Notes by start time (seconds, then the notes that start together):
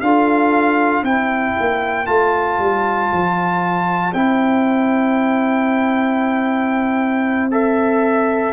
0.00 D4 F4 A4 F5
1.03 C4 E4 C5 G5
1.60 A#3
2.06 A3 F4 A5
2.58 G3
3.12 F3
4.13 C4 E4 G5
7.51 A4 E5